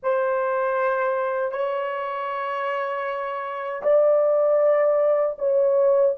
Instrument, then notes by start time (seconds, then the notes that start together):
horn
0.02 C5
1.51 C#5
3.82 D5
5.38 C#5